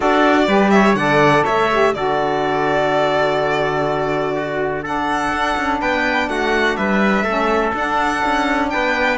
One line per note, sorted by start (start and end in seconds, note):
0.00 0.47 D4
0.00 0.47 F#4
0.00 0.44 A4
0.00 0.70 D5
0.47 0.95 G3
0.47 0.96 G4
0.47 0.72 B4
0.70 0.98 C#5
0.70 0.94 E5
0.95 1.43 D3
0.95 1.70 A4
0.95 1.44 D5
0.95 1.43 F#5
1.44 1.95 A3
1.44 1.92 C#5
1.44 1.94 E5
1.71 1.95 G4
1.94 5.31 D3
1.94 4.83 F#4
1.94 4.35 A4
1.94 4.84 D5
4.35 4.82 F#4
4.82 7.25 D4
4.82 5.79 A4
4.82 5.80 F#5
5.31 5.55 D4
5.56 5.81 C#4
5.80 6.28 B3
5.80 6.28 B4
5.80 6.28 G5
6.28 6.76 A3
6.28 6.77 F#4
6.28 6.76 F#5
6.76 7.23 G3
6.76 7.24 B4
6.76 7.73 E5
7.23 7.71 A3
7.23 7.74 C#4
7.23 8.69 A4
7.74 8.22 D4
7.74 9.17 D4
7.74 8.69 F#5
8.24 8.73 C#4
8.69 9.17 B3
8.69 9.17 B4
8.69 9.17 G5